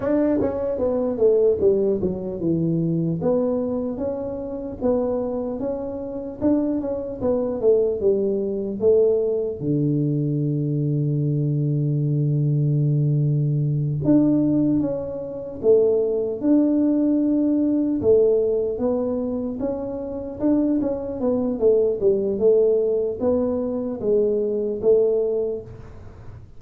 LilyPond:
\new Staff \with { instrumentName = "tuba" } { \time 4/4 \tempo 4 = 75 d'8 cis'8 b8 a8 g8 fis8 e4 | b4 cis'4 b4 cis'4 | d'8 cis'8 b8 a8 g4 a4 | d1~ |
d4. d'4 cis'4 a8~ | a8 d'2 a4 b8~ | b8 cis'4 d'8 cis'8 b8 a8 g8 | a4 b4 gis4 a4 | }